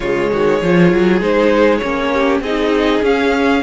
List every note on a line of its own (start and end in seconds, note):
0.00 0.30 C#3
0.00 0.64 G#3
0.00 0.30 F4
0.00 1.21 C#5
0.31 0.62 D#3
0.31 0.60 F#4
0.60 0.92 F3
0.60 1.20 F4
0.60 2.11 G#4
0.92 1.20 F#3
1.20 1.81 G#3
1.20 1.81 D#4
1.20 1.77 C5
1.77 2.40 A#3
1.77 2.43 C#4
1.77 2.38 C#5
2.12 2.42 G4
2.40 3.01 C4
2.40 3.04 D#4
2.40 3.62 G#4
2.40 3.04 D#5
3.02 3.62 C#4
3.02 3.62 F5